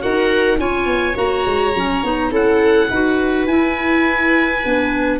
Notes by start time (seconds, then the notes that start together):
0.00 D#4 F#4 A#4 F#5
0.58 C#4 F4 C#5 G#5
0.86 B3
1.14 A#3 F#4 A#5
1.46 G#3
1.75 F#3 C#4
2.03 B3 D#4
2.31 C#4 E4 A4 F#5
2.90 D#4 F#4 B4
3.46 E4 G#5
4.64 B3 D4